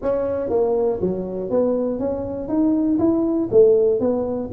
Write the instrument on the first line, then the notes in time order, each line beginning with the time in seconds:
tuba
0.02 C#4
0.49 A#3
1.01 F#3
1.50 B3
1.99 C#4
2.48 D#4
2.98 E4
3.51 A3
4.00 B3